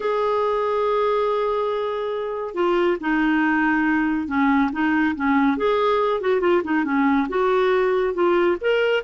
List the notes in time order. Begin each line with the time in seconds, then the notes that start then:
0.00 G#4
2.54 F4
3.00 D#4
4.27 C#4
4.72 D#4
5.15 C#4
5.57 G#4
6.20 F#4
6.40 F4
6.64 D#4
6.84 C#4
7.28 F#4
8.14 F4
8.60 A#4